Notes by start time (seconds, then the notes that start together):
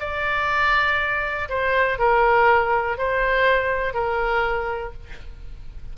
0.00 D5
1.49 C5
1.99 A#4
2.98 C5
3.94 A#4